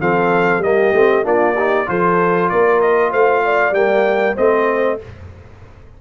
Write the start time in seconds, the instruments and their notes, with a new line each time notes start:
0.00 tuba F3, trombone C4, horn A4, trumpet F5
0.58 tuba G3, trombone A#3, horn G4, trumpet D#5
0.93 tuba A3, trombone C4
1.23 tuba A#3, trombone D4, horn F4, trumpet D5
1.54 trombone D#4, horn G4
1.86 tuba F3, trombone F4, horn A4, trumpet C5
2.49 tuba A#3, horn A#4, trumpet D5
2.80 trumpet D#5
3.11 tuba A3, horn C5, trumpet F5
3.44 horn D5
3.71 tuba G3, trombone A#3, trumpet G5
4.35 tuba A3, trombone C4, horn C5, trumpet D#5